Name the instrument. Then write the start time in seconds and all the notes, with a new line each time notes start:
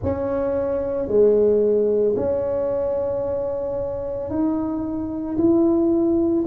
tuba
0.03 C#4
1.07 G#3
2.16 C#4
4.30 D#4
5.37 E4